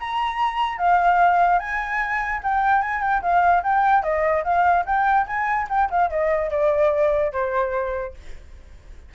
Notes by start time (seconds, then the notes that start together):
0.00 A#5
0.78 F5
1.59 G#5
2.43 G5
2.82 G#5
3.01 G5
3.22 F5
3.63 G5
4.03 D#5
4.44 F5
4.86 G5
5.27 G#5
5.69 G5
5.91 F5
6.10 D#5
6.51 D5
7.32 C5